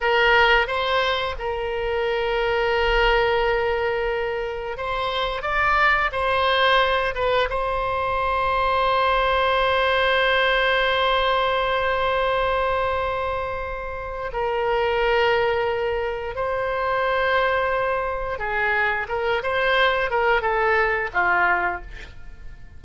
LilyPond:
\new Staff \with { instrumentName = "oboe" } { \time 4/4 \tempo 4 = 88 ais'4 c''4 ais'2~ | ais'2. c''4 | d''4 c''4. b'8 c''4~ | c''1~ |
c''1~ | c''4 ais'2. | c''2. gis'4 | ais'8 c''4 ais'8 a'4 f'4 | }